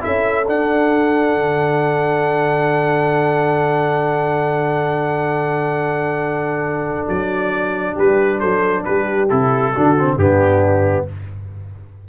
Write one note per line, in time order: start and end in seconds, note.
0.00 0.44 E4
0.00 7.94 A4
0.00 0.48 E5
0.06 0.48 C#4
0.48 9.30 D4
0.48 1.35 D4
0.48 7.08 F#5
1.35 7.08 D3
7.08 7.97 F#3
7.08 7.97 D5
7.94 8.42 G3
7.94 8.38 G4
7.94 8.40 B4
8.40 8.86 F#3
8.40 8.84 A4
8.40 8.84 C5
8.85 9.31 G3
8.85 9.73 G4
8.85 9.29 B4
9.30 9.75 C3
9.30 9.74 E4
9.30 10.18 A4
9.73 10.17 D3
9.73 9.97 D4
9.73 10.18 F#4
9.99 10.20 C4
10.17 11.05 G2
10.17 11.08 B3
10.17 11.08 D4
10.17 11.07 G4